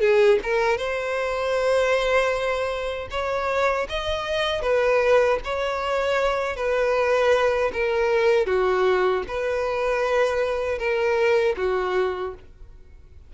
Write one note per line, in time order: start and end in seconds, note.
0.00 0.38 G#4
0.42 0.77 A#4
0.77 3.08 C5
3.10 3.87 C#5
3.89 4.62 D#5
4.62 5.38 B4
5.44 6.56 C#5
6.56 7.71 B4
7.73 8.46 A#4
8.46 9.23 F#4
9.27 10.78 B4
10.78 11.55 A#4
11.57 12.34 F#4